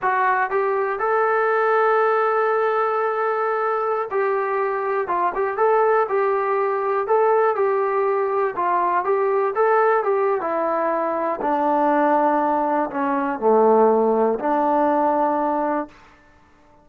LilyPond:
\new Staff \with { instrumentName = "trombone" } { \time 4/4 \tempo 4 = 121 fis'4 g'4 a'2~ | a'1~ | a'16 g'2 f'8 g'8 a'8.~ | a'16 g'2 a'4 g'8.~ |
g'4~ g'16 f'4 g'4 a'8.~ | a'16 g'8. e'2 d'4~ | d'2 cis'4 a4~ | a4 d'2. | }